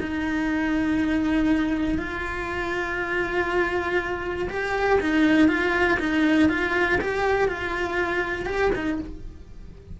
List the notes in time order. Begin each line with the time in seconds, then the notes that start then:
0.00 D#4
1.98 F4
4.49 G4
5.00 D#4
5.48 F4
5.99 D#4
6.49 F4
7.01 G4
7.48 F4
8.46 G4
8.75 D#4